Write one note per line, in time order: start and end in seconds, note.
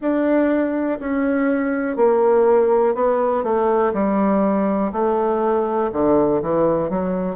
0.00 0.99 D4
0.99 1.96 C#4
1.96 2.94 A#3
2.94 3.43 B3
3.43 3.93 A3
3.93 4.92 G3
4.92 5.90 A3
5.92 6.41 D3
6.42 6.89 E3
6.89 7.35 F#3